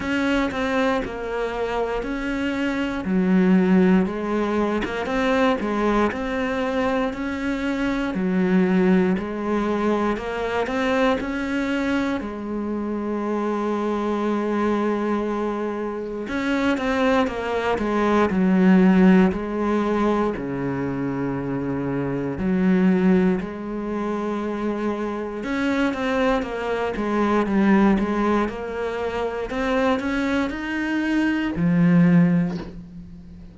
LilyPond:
\new Staff \with { instrumentName = "cello" } { \time 4/4 \tempo 4 = 59 cis'8 c'8 ais4 cis'4 fis4 | gis8. ais16 c'8 gis8 c'4 cis'4 | fis4 gis4 ais8 c'8 cis'4 | gis1 |
cis'8 c'8 ais8 gis8 fis4 gis4 | cis2 fis4 gis4~ | gis4 cis'8 c'8 ais8 gis8 g8 gis8 | ais4 c'8 cis'8 dis'4 f4 | }